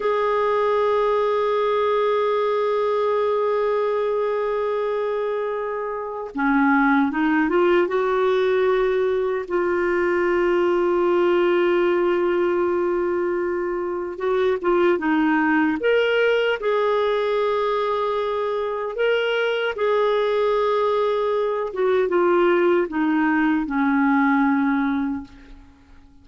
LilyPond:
\new Staff \with { instrumentName = "clarinet" } { \time 4/4 \tempo 4 = 76 gis'1~ | gis'1 | cis'4 dis'8 f'8 fis'2 | f'1~ |
f'2 fis'8 f'8 dis'4 | ais'4 gis'2. | ais'4 gis'2~ gis'8 fis'8 | f'4 dis'4 cis'2 | }